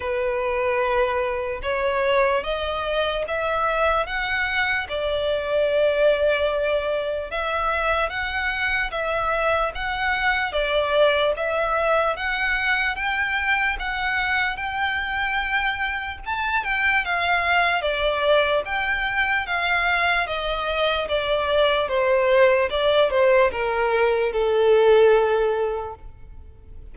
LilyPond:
\new Staff \with { instrumentName = "violin" } { \time 4/4 \tempo 4 = 74 b'2 cis''4 dis''4 | e''4 fis''4 d''2~ | d''4 e''4 fis''4 e''4 | fis''4 d''4 e''4 fis''4 |
g''4 fis''4 g''2 | a''8 g''8 f''4 d''4 g''4 | f''4 dis''4 d''4 c''4 | d''8 c''8 ais'4 a'2 | }